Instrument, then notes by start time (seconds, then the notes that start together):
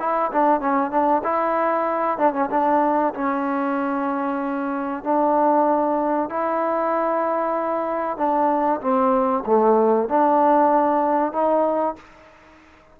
trombone
0.00 E4
0.32 D4
0.61 C#4
0.91 D4
1.24 E4
2.18 D4
2.34 C#4
2.51 D4
3.14 C#4
5.04 D4
6.30 E4
8.17 D4
8.81 C4
9.46 A3
10.09 D4
11.33 D#4